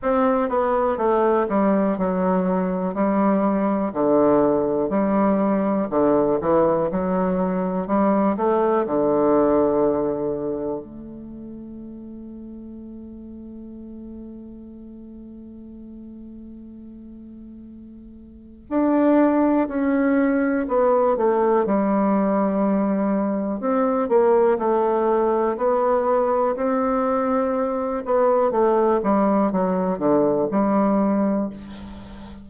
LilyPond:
\new Staff \with { instrumentName = "bassoon" } { \time 4/4 \tempo 4 = 61 c'8 b8 a8 g8 fis4 g4 | d4 g4 d8 e8 fis4 | g8 a8 d2 a4~ | a1~ |
a2. d'4 | cis'4 b8 a8 g2 | c'8 ais8 a4 b4 c'4~ | c'8 b8 a8 g8 fis8 d8 g4 | }